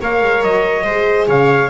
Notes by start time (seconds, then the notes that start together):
0.00 A#3 A#4 C#5 F5
0.21 G#3
0.43 F#3 D#5
0.84 G#3 G#4 C5
1.28 C#3 C#5 F5